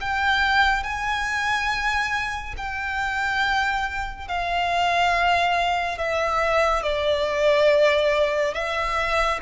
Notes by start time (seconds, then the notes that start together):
0.00 G5
0.83 G#5
2.57 G5
4.28 F5
5.98 E5
6.83 D5
8.54 E5